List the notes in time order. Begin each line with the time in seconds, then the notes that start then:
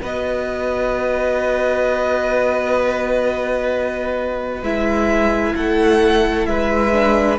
0.00 B3 F#4 B4 D#5
4.62 G#3 E4 E5
5.55 A3 A4 F#5
6.46 G#3 B4 E5
6.92 D4